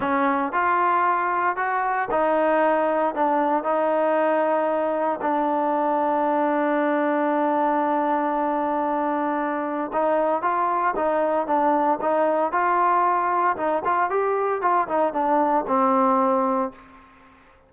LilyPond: \new Staff \with { instrumentName = "trombone" } { \time 4/4 \tempo 4 = 115 cis'4 f'2 fis'4 | dis'2 d'4 dis'4~ | dis'2 d'2~ | d'1~ |
d'2. dis'4 | f'4 dis'4 d'4 dis'4 | f'2 dis'8 f'8 g'4 | f'8 dis'8 d'4 c'2 | }